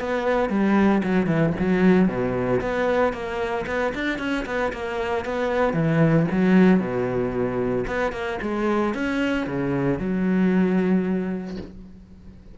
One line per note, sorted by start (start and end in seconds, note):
0.00 0.50 B3
0.50 1.02 G3
1.04 1.27 F#3
1.27 1.53 E3
1.59 2.08 F#3
2.08 2.61 B2
2.61 3.13 B3
3.13 3.66 A#3
3.67 3.93 B3
3.95 4.19 D4
4.19 4.45 C#4
4.46 4.72 B3
4.73 5.25 A#3
5.25 5.74 B3
5.74 6.26 E3
6.31 6.80 F#3
6.80 7.85 B2
7.87 8.12 B3
8.12 8.39 A#3
8.42 8.94 G#3
8.94 9.47 C#4
9.47 9.99 C#3
9.99 11.57 F#3